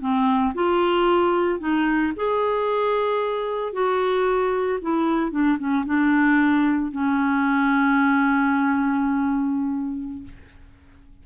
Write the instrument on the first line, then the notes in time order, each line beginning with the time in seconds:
clarinet
0.00 C4
0.54 F4
1.60 D#4
2.16 G#4
3.73 F#4
4.81 E4
5.31 D4
5.58 C#4
5.85 D4
6.91 C#4